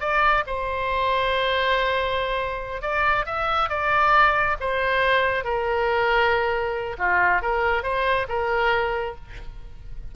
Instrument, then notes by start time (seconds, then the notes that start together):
oboe
0.00 D5
0.46 C5
2.81 D5
3.25 E5
3.69 D5
4.60 C5
5.44 A#4
6.98 F4
7.42 A#4
7.83 C5
8.28 A#4